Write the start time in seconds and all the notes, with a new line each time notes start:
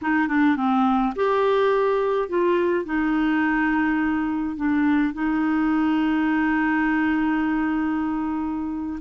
0.01 D#4
0.28 D4
0.56 C4
1.15 G4
2.29 F4
2.85 D#4
4.56 D4
5.13 D#4